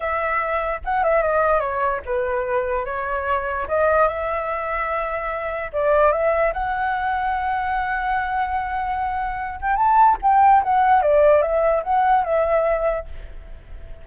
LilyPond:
\new Staff \with { instrumentName = "flute" } { \time 4/4 \tempo 4 = 147 e''2 fis''8 e''8 dis''4 | cis''4 b'2 cis''4~ | cis''4 dis''4 e''2~ | e''2 d''4 e''4 |
fis''1~ | fis''2.~ fis''8 g''8 | a''4 g''4 fis''4 d''4 | e''4 fis''4 e''2 | }